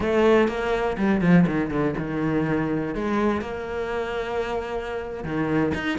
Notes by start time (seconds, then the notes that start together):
0.00 A3
0.48 A#3
0.97 G3
1.21 F3
1.47 D#3
1.70 D3
1.98 D#3
2.94 G#3
3.41 A#3
5.24 D#3
5.74 D#4